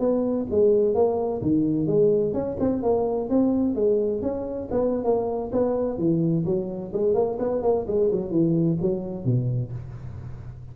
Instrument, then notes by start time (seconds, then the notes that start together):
tuba
0.00 B3
0.51 G#3
0.95 A#3
1.43 D#3
1.87 G#3
2.34 C#4
2.60 C4
2.83 A#3
3.30 C4
3.76 G#3
4.22 C#4
4.72 B3
5.05 A#3
5.52 B3
5.99 E3
6.46 F#3
6.94 G#3
7.15 A#3
7.40 B3
7.63 A#3
7.88 G#3
8.12 F#3
8.32 E3
8.82 F#3
9.26 B2